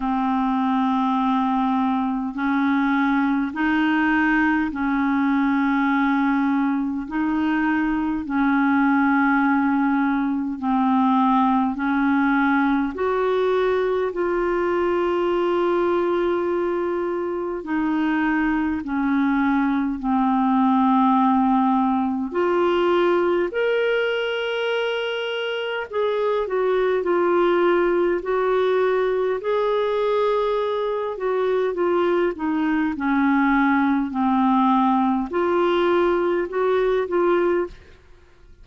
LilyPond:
\new Staff \with { instrumentName = "clarinet" } { \time 4/4 \tempo 4 = 51 c'2 cis'4 dis'4 | cis'2 dis'4 cis'4~ | cis'4 c'4 cis'4 fis'4 | f'2. dis'4 |
cis'4 c'2 f'4 | ais'2 gis'8 fis'8 f'4 | fis'4 gis'4. fis'8 f'8 dis'8 | cis'4 c'4 f'4 fis'8 f'8 | }